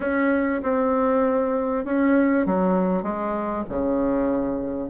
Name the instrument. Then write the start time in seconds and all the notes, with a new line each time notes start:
bassoon
0.00 C#4
0.62 C4
1.84 C#4
2.45 F#3
3.02 G#3
3.69 C#3